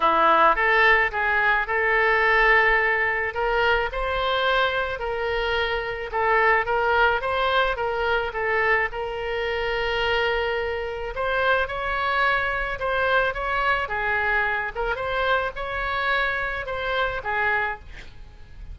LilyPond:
\new Staff \with { instrumentName = "oboe" } { \time 4/4 \tempo 4 = 108 e'4 a'4 gis'4 a'4~ | a'2 ais'4 c''4~ | c''4 ais'2 a'4 | ais'4 c''4 ais'4 a'4 |
ais'1 | c''4 cis''2 c''4 | cis''4 gis'4. ais'8 c''4 | cis''2 c''4 gis'4 | }